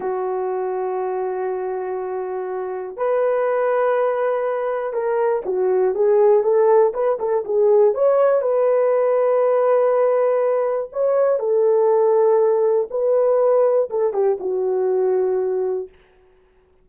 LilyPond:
\new Staff \with { instrumentName = "horn" } { \time 4/4 \tempo 4 = 121 fis'1~ | fis'2 b'2~ | b'2 ais'4 fis'4 | gis'4 a'4 b'8 a'8 gis'4 |
cis''4 b'2.~ | b'2 cis''4 a'4~ | a'2 b'2 | a'8 g'8 fis'2. | }